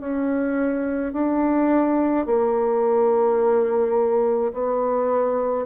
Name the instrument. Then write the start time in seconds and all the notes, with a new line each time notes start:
bassoon
0.00 C#4
1.13 D4
2.26 A#3
4.53 B3